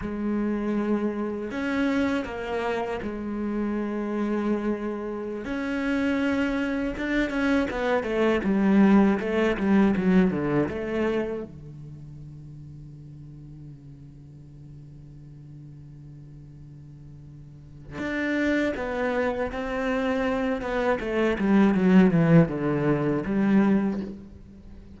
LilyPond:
\new Staff \with { instrumentName = "cello" } { \time 4/4 \tempo 4 = 80 gis2 cis'4 ais4 | gis2.~ gis16 cis'8.~ | cis'4~ cis'16 d'8 cis'8 b8 a8 g8.~ | g16 a8 g8 fis8 d8 a4 d8.~ |
d1~ | d1 | d'4 b4 c'4. b8 | a8 g8 fis8 e8 d4 g4 | }